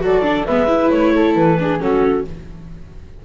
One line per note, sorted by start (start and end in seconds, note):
0.00 0.46 F#3
0.00 0.22 F#4
0.00 0.45 A4
0.00 0.45 D5
0.22 0.44 D4
0.45 0.91 G#3
0.45 0.67 B3
0.45 1.12 B4
0.45 0.90 E5
0.67 1.56 E4
0.90 1.35 A3
0.90 1.34 C#5
1.15 1.59 A4
1.35 1.80 E3
1.35 1.80 B4
1.59 1.79 D4
1.59 1.81 G#4
1.79 2.24 F#3
1.79 2.24 C#4
1.79 2.25 F#4
1.79 2.24 A4